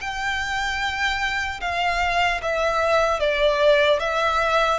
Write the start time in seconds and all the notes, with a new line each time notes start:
0.00 G5
1.60 F5
2.42 E5
3.19 D5
3.99 E5